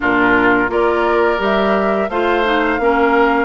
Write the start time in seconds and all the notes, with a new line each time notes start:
0.00 A#2 D4 F4 A#4
0.68 A#3 F4 A#4 D5
1.38 G3 G4 E5
2.08 A3 F4 C5 F5
2.44 D#4
2.78 A#3 C#4 A#4